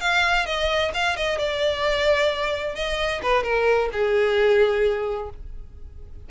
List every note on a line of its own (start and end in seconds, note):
0.00 0.46 F5
0.46 0.91 D#5
0.94 1.16 F5
1.16 1.38 D#5
1.38 2.75 D5
2.75 3.21 D#5
3.22 3.43 B4
3.43 3.89 A#4
3.92 5.29 G#4